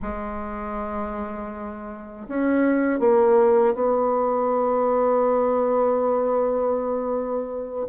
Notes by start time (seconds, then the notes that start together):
0.01 G#3
2.28 C#4
2.99 A#3
3.74 B3